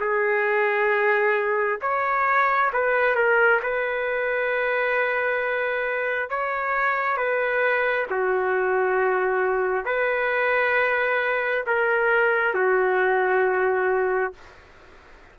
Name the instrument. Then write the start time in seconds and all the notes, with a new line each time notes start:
trumpet
0.00 G#4
1.81 C#5
2.73 B4
3.15 A#4
3.63 B4
6.30 C#5
7.17 B4
8.10 F#4
9.85 B4
11.66 A#4
12.54 F#4